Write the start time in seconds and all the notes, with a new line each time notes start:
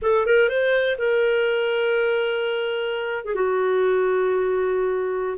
0.01 A4
0.26 A#4
0.48 C5
0.98 A#4
3.24 G#4
3.35 F#4